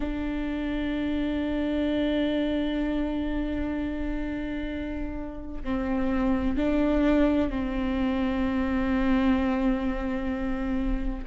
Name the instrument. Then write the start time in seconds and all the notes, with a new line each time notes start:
viola
0.00 D4
5.63 C4
6.56 D4
7.50 C4